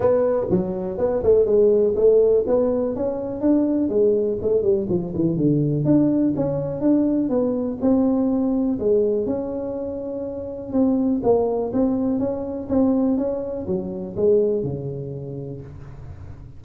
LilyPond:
\new Staff \with { instrumentName = "tuba" } { \time 4/4 \tempo 4 = 123 b4 fis4 b8 a8 gis4 | a4 b4 cis'4 d'4 | gis4 a8 g8 f8 e8 d4 | d'4 cis'4 d'4 b4 |
c'2 gis4 cis'4~ | cis'2 c'4 ais4 | c'4 cis'4 c'4 cis'4 | fis4 gis4 cis2 | }